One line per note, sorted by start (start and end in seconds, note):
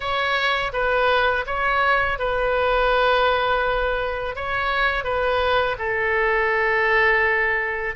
0.00 0.72 C#5
0.73 1.45 B4
1.46 2.18 C#5
2.18 4.35 B4
4.35 5.04 C#5
5.04 5.76 B4
5.78 7.95 A4